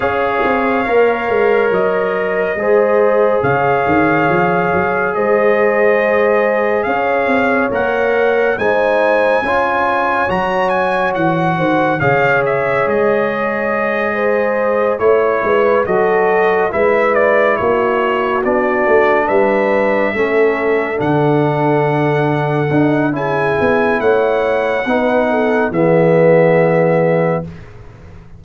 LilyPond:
<<
  \new Staff \with { instrumentName = "trumpet" } { \time 4/4 \tempo 4 = 70 f''2 dis''2 | f''2 dis''2 | f''4 fis''4 gis''2 | ais''8 gis''8 fis''4 f''8 e''8 dis''4~ |
dis''4. cis''4 dis''4 e''8 | d''8 cis''4 d''4 e''4.~ | e''8 fis''2~ fis''8 gis''4 | fis''2 e''2 | }
  \new Staff \with { instrumentName = "horn" } { \time 4/4 cis''2. c''4 | cis''2 c''2 | cis''2 c''4 cis''4~ | cis''4. c''8 cis''2~ |
cis''8 c''4 cis''8 b'8 a'4 b'8~ | b'8 fis'2 b'4 a'8~ | a'2. gis'4 | cis''4 b'8 a'8 gis'2 | }
  \new Staff \with { instrumentName = "trombone" } { \time 4/4 gis'4 ais'2 gis'4~ | gis'1~ | gis'4 ais'4 dis'4 f'4 | fis'2 gis'2~ |
gis'4. e'4 fis'4 e'8~ | e'4. d'2 cis'8~ | cis'8 d'2 dis'8 e'4~ | e'4 dis'4 b2 | }
  \new Staff \with { instrumentName = "tuba" } { \time 4/4 cis'8 c'8 ais8 gis8 fis4 gis4 | cis8 dis8 f8 fis8 gis2 | cis'8 c'8 ais4 gis4 cis'4 | fis4 e8 dis8 cis4 gis4~ |
gis4. a8 gis8 fis4 gis8~ | gis8 ais4 b8 a8 g4 a8~ | a8 d2 d'8 cis'8 b8 | a4 b4 e2 | }
>>